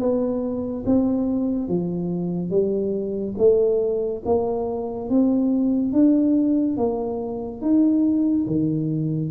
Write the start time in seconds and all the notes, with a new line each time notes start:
0.00 B3
0.86 C4
1.69 F3
2.50 G3
3.38 A3
4.26 A#3
5.10 C4
5.93 D4
6.77 A#3
7.62 D#4
8.47 D#3